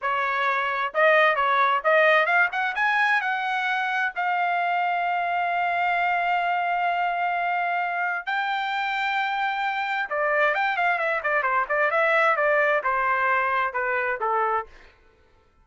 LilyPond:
\new Staff \with { instrumentName = "trumpet" } { \time 4/4 \tempo 4 = 131 cis''2 dis''4 cis''4 | dis''4 f''8 fis''8 gis''4 fis''4~ | fis''4 f''2.~ | f''1~ |
f''2 g''2~ | g''2 d''4 g''8 f''8 | e''8 d''8 c''8 d''8 e''4 d''4 | c''2 b'4 a'4 | }